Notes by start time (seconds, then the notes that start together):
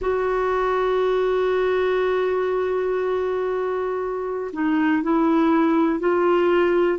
0.01 F#4
4.52 D#4
5.02 E4
5.99 F4